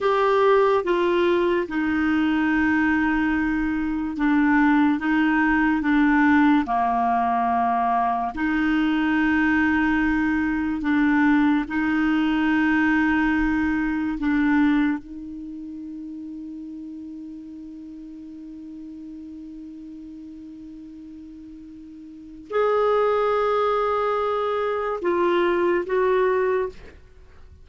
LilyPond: \new Staff \with { instrumentName = "clarinet" } { \time 4/4 \tempo 4 = 72 g'4 f'4 dis'2~ | dis'4 d'4 dis'4 d'4 | ais2 dis'2~ | dis'4 d'4 dis'2~ |
dis'4 d'4 dis'2~ | dis'1~ | dis'2. gis'4~ | gis'2 f'4 fis'4 | }